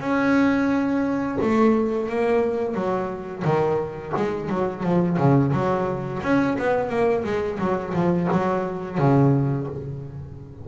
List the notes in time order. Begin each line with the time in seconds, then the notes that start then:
0.00 C#4
1.42 A3
2.09 A#3
2.74 F#3
3.45 D#3
4.16 G#3
4.50 F#3
4.83 F3
5.18 C#3
5.53 F#3
6.23 C#4
6.59 B3
6.89 A#3
7.24 G#3
7.59 F#3
7.93 F3
8.32 F#3
8.98 C#3